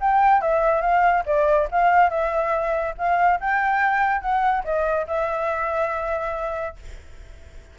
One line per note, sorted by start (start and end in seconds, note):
0.00 0.41 G5
0.41 0.81 E5
0.81 1.23 F5
1.26 1.68 D5
1.71 2.10 F5
2.10 2.94 E5
2.98 3.40 F5
3.40 4.21 G5
4.21 4.63 F#5
4.64 5.06 D#5
5.07 6.76 E5